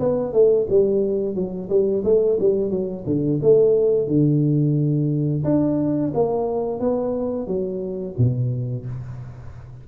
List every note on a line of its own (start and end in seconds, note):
0.00 0.33 B3
0.33 0.68 A3
0.70 1.36 G3
1.36 1.70 F#3
1.70 2.04 G3
2.05 2.39 A3
2.40 2.71 G3
2.71 3.05 F#3
3.07 3.41 D3
3.43 4.08 A3
4.08 5.45 D3
5.45 6.13 D4
6.15 6.80 A#3
6.80 7.48 B3
7.48 8.16 F#3
8.18 8.86 B2